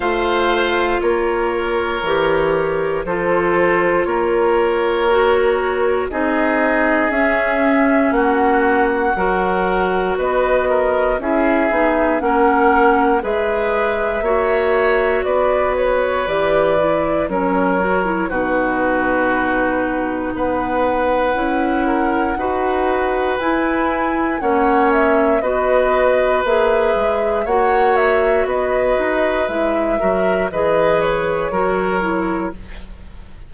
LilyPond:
<<
  \new Staff \with { instrumentName = "flute" } { \time 4/4 \tempo 4 = 59 f''4 cis''2 c''4 | cis''2 dis''4 e''4 | fis''2 dis''4 e''4 | fis''4 e''2 d''8 cis''8 |
d''4 cis''4 b'2 | fis''2. gis''4 | fis''8 e''8 dis''4 e''4 fis''8 e''8 | dis''4 e''4 dis''8 cis''4. | }
  \new Staff \with { instrumentName = "oboe" } { \time 4/4 c''4 ais'2 a'4 | ais'2 gis'2 | fis'4 ais'4 b'8 ais'8 gis'4 | ais'4 b'4 cis''4 b'4~ |
b'4 ais'4 fis'2 | b'4. ais'8 b'2 | cis''4 b'2 cis''4 | b'4. ais'8 b'4 ais'4 | }
  \new Staff \with { instrumentName = "clarinet" } { \time 4/4 f'2 g'4 f'4~ | f'4 fis'4 dis'4 cis'4~ | cis'4 fis'2 e'8 dis'8 | cis'4 gis'4 fis'2 |
g'8 e'8 cis'8 fis'16 e'16 dis'2~ | dis'4 e'4 fis'4 e'4 | cis'4 fis'4 gis'4 fis'4~ | fis'4 e'8 fis'8 gis'4 fis'8 e'8 | }
  \new Staff \with { instrumentName = "bassoon" } { \time 4/4 a4 ais4 e4 f4 | ais2 c'4 cis'4 | ais4 fis4 b4 cis'8 b8 | ais4 gis4 ais4 b4 |
e4 fis4 b,2 | b4 cis'4 dis'4 e'4 | ais4 b4 ais8 gis8 ais4 | b8 dis'8 gis8 fis8 e4 fis4 | }
>>